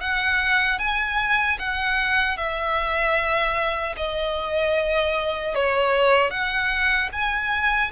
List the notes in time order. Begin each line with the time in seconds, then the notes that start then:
0.00 F#5
0.79 G#5
1.59 F#5
2.37 E5
3.97 D#5
5.54 C#5
6.30 F#5
7.12 G#5